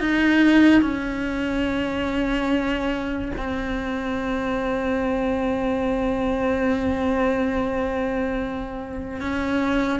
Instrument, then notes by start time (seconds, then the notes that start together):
cello
0.00 D#4
0.81 C#4
3.37 C4
9.20 C#4